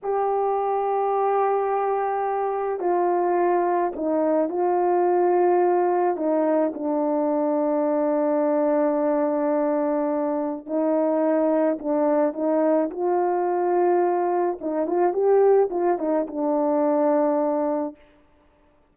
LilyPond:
\new Staff \with { instrumentName = "horn" } { \time 4/4 \tempo 4 = 107 g'1~ | g'4 f'2 dis'4 | f'2. dis'4 | d'1~ |
d'2. dis'4~ | dis'4 d'4 dis'4 f'4~ | f'2 dis'8 f'8 g'4 | f'8 dis'8 d'2. | }